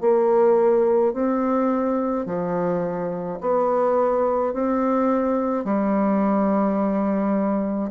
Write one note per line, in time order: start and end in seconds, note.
0.00 1.13 A#3
1.13 2.25 C4
2.25 3.39 F3
3.40 4.53 B3
4.53 5.64 C4
5.64 7.90 G3